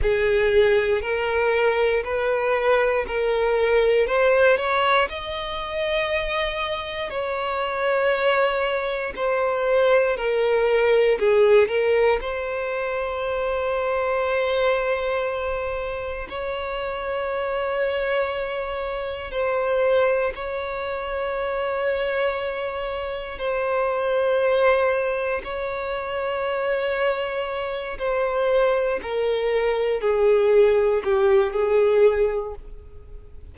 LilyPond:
\new Staff \with { instrumentName = "violin" } { \time 4/4 \tempo 4 = 59 gis'4 ais'4 b'4 ais'4 | c''8 cis''8 dis''2 cis''4~ | cis''4 c''4 ais'4 gis'8 ais'8 | c''1 |
cis''2. c''4 | cis''2. c''4~ | c''4 cis''2~ cis''8 c''8~ | c''8 ais'4 gis'4 g'8 gis'4 | }